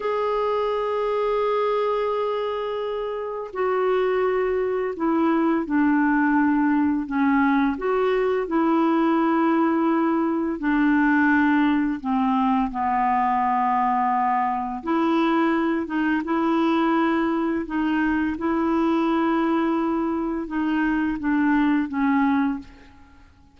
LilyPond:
\new Staff \with { instrumentName = "clarinet" } { \time 4/4 \tempo 4 = 85 gis'1~ | gis'4 fis'2 e'4 | d'2 cis'4 fis'4 | e'2. d'4~ |
d'4 c'4 b2~ | b4 e'4. dis'8 e'4~ | e'4 dis'4 e'2~ | e'4 dis'4 d'4 cis'4 | }